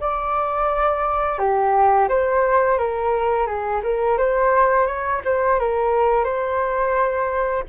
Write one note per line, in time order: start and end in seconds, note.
0.00 1.38 D5
1.38 2.08 G4
2.08 2.78 C5
2.78 3.46 A#4
3.46 3.81 G#4
3.83 4.18 A#4
4.18 4.86 C5
4.86 5.21 C#5
5.24 5.59 C5
5.59 6.24 A#4
6.24 7.64 C5